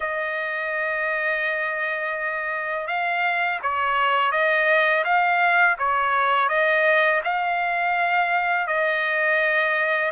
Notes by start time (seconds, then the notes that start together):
0.00 D#5
2.87 F5
3.62 C#5
4.31 D#5
5.04 F5
5.78 C#5
6.49 D#5
7.24 F5
8.67 D#5